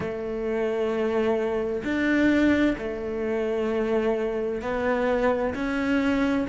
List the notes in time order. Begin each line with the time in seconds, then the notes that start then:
0.00 A3
1.84 D4
2.78 A3
4.62 B3
5.54 C#4